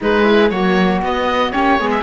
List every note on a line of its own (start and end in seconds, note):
0.01 0.50 G#3
0.01 0.52 G#3
0.01 0.24 D#4
0.01 0.50 B4
0.24 0.49 E4
0.50 1.01 F#3
0.50 1.02 A#3
0.50 1.53 F#4
0.50 1.00 C#5
1.02 1.53 B3
1.02 1.52 B3
1.02 1.51 D#5
1.51 1.80 A#3
1.51 1.77 C#4
1.51 1.78 G4
1.51 1.90 C#5
1.79 2.02 G#3
1.79 2.02 B3
1.79 2.02 G#4
1.90 2.02 E5